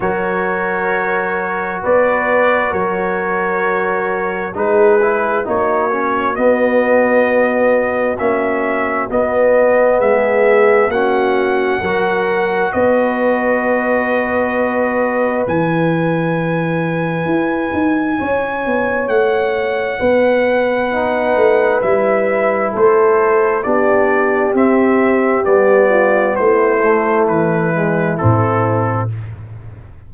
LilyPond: <<
  \new Staff \with { instrumentName = "trumpet" } { \time 4/4 \tempo 4 = 66 cis''2 d''4 cis''4~ | cis''4 b'4 cis''4 dis''4~ | dis''4 e''4 dis''4 e''4 | fis''2 dis''2~ |
dis''4 gis''2.~ | gis''4 fis''2. | e''4 c''4 d''4 e''4 | d''4 c''4 b'4 a'4 | }
  \new Staff \with { instrumentName = "horn" } { \time 4/4 ais'2 b'4 ais'4~ | ais'4 gis'4 fis'2~ | fis'2. gis'4 | fis'4 ais'4 b'2~ |
b'1 | cis''2 b'2~ | b'4 a'4 g'2~ | g'8 f'8 e'2. | }
  \new Staff \with { instrumentName = "trombone" } { \time 4/4 fis'1~ | fis'4 dis'8 e'8 dis'8 cis'8 b4~ | b4 cis'4 b2 | cis'4 fis'2.~ |
fis'4 e'2.~ | e'2. dis'4 | e'2 d'4 c'4 | b4. a4 gis8 c'4 | }
  \new Staff \with { instrumentName = "tuba" } { \time 4/4 fis2 b4 fis4~ | fis4 gis4 ais4 b4~ | b4 ais4 b4 gis4 | ais4 fis4 b2~ |
b4 e2 e'8 dis'8 | cis'8 b8 a4 b4. a8 | g4 a4 b4 c'4 | g4 a4 e4 a,4 | }
>>